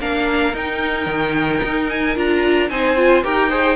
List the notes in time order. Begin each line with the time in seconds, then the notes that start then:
0.00 A#3 D4 A#4 F5
0.53 D#4 G5
1.06 D#3
1.63 D#4
1.89 G#5
2.16 D4 F4 A#5
2.70 C4 D#4 C5 G#5
2.97 F4
3.23 D#4 G4 A#4 G5
3.50 G#4 C5